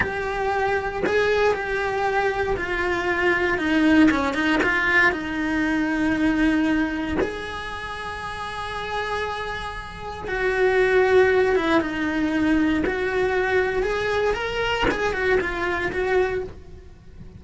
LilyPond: \new Staff \with { instrumentName = "cello" } { \time 4/4 \tempo 4 = 117 g'2 gis'4 g'4~ | g'4 f'2 dis'4 | cis'8 dis'8 f'4 dis'2~ | dis'2 gis'2~ |
gis'1 | fis'2~ fis'8 e'8 dis'4~ | dis'4 fis'2 gis'4 | ais'4 gis'8 fis'8 f'4 fis'4 | }